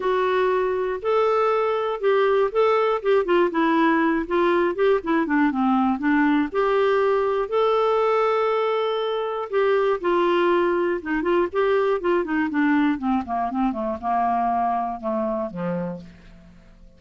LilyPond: \new Staff \with { instrumentName = "clarinet" } { \time 4/4 \tempo 4 = 120 fis'2 a'2 | g'4 a'4 g'8 f'8 e'4~ | e'8 f'4 g'8 e'8 d'8 c'4 | d'4 g'2 a'4~ |
a'2. g'4 | f'2 dis'8 f'8 g'4 | f'8 dis'8 d'4 c'8 ais8 c'8 a8 | ais2 a4 f4 | }